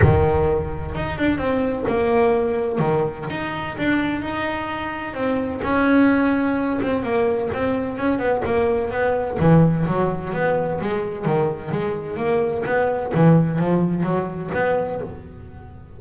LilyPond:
\new Staff \with { instrumentName = "double bass" } { \time 4/4 \tempo 4 = 128 dis2 dis'8 d'8 c'4 | ais2 dis4 dis'4 | d'4 dis'2 c'4 | cis'2~ cis'8 c'8 ais4 |
c'4 cis'8 b8 ais4 b4 | e4 fis4 b4 gis4 | dis4 gis4 ais4 b4 | e4 f4 fis4 b4 | }